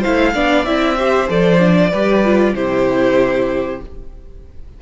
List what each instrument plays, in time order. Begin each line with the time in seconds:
0.00 cello A3, viola E4, violin C5 F5
0.34 cello B3, viola D4, violin D5
0.65 cello C4, viola E4, violin E5
0.97 viola G4, violin C5
1.27 cello F3, viola A4, violin D5
1.58 viola D4
1.90 cello G3, viola G4, violin B4
2.24 viola F4
2.53 cello C3, viola E4, violin G4 C5